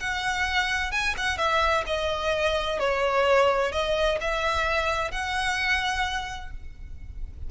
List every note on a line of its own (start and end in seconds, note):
0.00 0.92 F#5
0.92 1.15 G#5
1.17 1.38 F#5
1.38 1.84 E5
1.87 2.79 D#5
2.79 3.72 C#5
3.72 4.19 D#5
4.21 5.11 E5
5.11 6.51 F#5